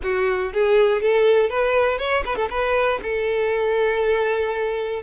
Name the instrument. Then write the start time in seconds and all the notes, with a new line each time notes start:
violin
0.02 F#4
0.53 G#4
1.01 A4
1.49 B4
1.98 C#5
2.25 B4
2.35 A4
2.50 B4
3.02 A4